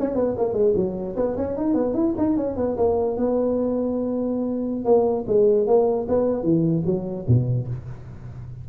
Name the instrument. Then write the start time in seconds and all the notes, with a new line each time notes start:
tuba
0.00 C#4
0.16 B3
0.38 A#3
0.54 G#3
0.76 F#3
1.17 B3
1.37 C#4
1.57 D#4
1.74 B3
1.95 E4
2.18 D#4
2.37 C#4
2.57 B3
2.77 A#3
3.17 B3
4.85 A#3
5.28 G#3
5.67 A#3
6.09 B3
6.44 E3
6.86 F#3
7.28 B2